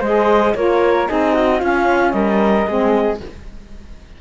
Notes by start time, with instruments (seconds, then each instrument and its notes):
0.00 cello G#3, saxophone G#4, flute C5, clarinet D#5
0.55 cello A#3, saxophone F4, flute A#4, clarinet C#5
1.07 cello C4, saxophone D#4, flute G#4, clarinet D#5
1.34 flute F#4
1.60 saxophone C#4, cello C#4, flute F4, clarinet F5
2.11 cello G3, flute A#4, clarinet D#5
2.68 cello G#3, saxophone C4, flute G#4